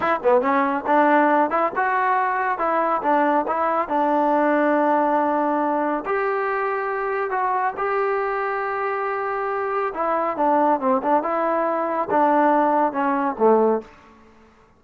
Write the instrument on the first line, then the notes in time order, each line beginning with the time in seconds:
trombone
0.00 E4
0.23 B3
0.41 C#4
0.86 D4
1.50 E4
1.76 F#4
2.58 E4
3.02 D4
3.47 E4
3.88 D4
6.05 G4
7.30 F#4
7.77 G4
9.94 E4
10.36 D4
10.80 C4
11.02 D4
11.22 E4
12.10 D4
12.92 C#4
13.38 A3